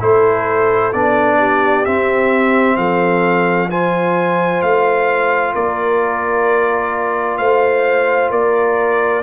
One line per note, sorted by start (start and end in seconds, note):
0.00 0.93 A3
0.00 0.92 E4
0.00 1.38 A4
0.00 0.93 C5
0.93 1.85 B3
0.93 1.85 D4
0.93 1.85 D5
1.38 2.77 G4
1.85 3.70 C4
1.85 2.77 C4
1.85 2.77 E5
2.77 4.61 F3
2.77 3.69 A4
2.77 3.69 F5
3.69 9.22 F4
3.69 5.54 C5
3.69 4.62 G#5
4.62 5.54 A3
4.62 5.54 F5
5.54 7.39 A#3
5.54 7.39 A#4
5.54 7.38 D5
7.38 8.31 A3
7.38 8.30 C5
7.38 8.30 F5
8.30 9.22 A#3
8.30 9.22 A#4
8.30 9.22 D5